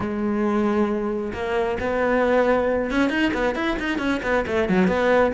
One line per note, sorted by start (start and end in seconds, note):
0.00 1.32 G#3
1.33 1.77 A#3
1.80 2.91 B3
2.91 3.09 C#4
3.09 3.31 D#4
3.33 3.55 B3
3.55 3.77 E4
3.79 3.98 D#4
3.98 4.20 C#4
4.23 4.45 B3
4.46 4.68 A3
4.68 4.87 F#3
4.87 5.32 B3